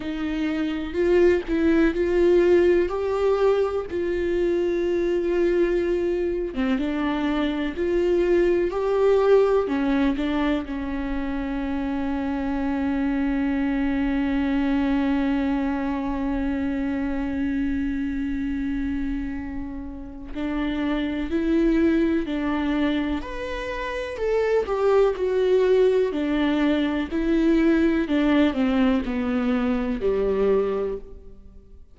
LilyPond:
\new Staff \with { instrumentName = "viola" } { \time 4/4 \tempo 4 = 62 dis'4 f'8 e'8 f'4 g'4 | f'2~ f'8. c'16 d'4 | f'4 g'4 cis'8 d'8 cis'4~ | cis'1~ |
cis'1~ | cis'4 d'4 e'4 d'4 | b'4 a'8 g'8 fis'4 d'4 | e'4 d'8 c'8 b4 g4 | }